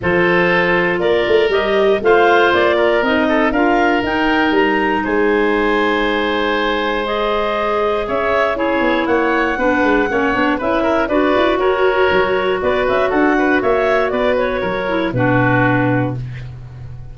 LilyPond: <<
  \new Staff \with { instrumentName = "clarinet" } { \time 4/4 \tempo 4 = 119 c''2 d''4 dis''4 | f''4 d''4 dis''4 f''4 | g''4 ais''4 gis''2~ | gis''2 dis''2 |
e''4 cis''4 fis''2~ | fis''4 e''4 d''4 cis''4~ | cis''4 d''8 e''8 fis''4 e''4 | d''8 cis''4. b'2 | }
  \new Staff \with { instrumentName = "oboe" } { \time 4/4 a'2 ais'2 | c''4. ais'4 a'8 ais'4~ | ais'2 c''2~ | c''1 |
cis''4 gis'4 cis''4 b'4 | cis''4 b'8 ais'8 b'4 ais'4~ | ais'4 b'4 a'8 b'8 cis''4 | b'4 ais'4 fis'2 | }
  \new Staff \with { instrumentName = "clarinet" } { \time 4/4 f'2. g'4 | f'2 dis'4 f'4 | dis'1~ | dis'2 gis'2~ |
gis'4 e'2 d'4 | cis'8 d'8 e'4 fis'2~ | fis'1~ | fis'4. e'8 d'2 | }
  \new Staff \with { instrumentName = "tuba" } { \time 4/4 f2 ais8 a8 g4 | a4 ais4 c'4 d'4 | dis'4 g4 gis2~ | gis1 |
cis'4. b8 ais4 b8 gis8 | ais8 b8 cis'4 d'8 e'8 fis'4 | fis4 b8 cis'8 d'4 ais4 | b4 fis4 b,2 | }
>>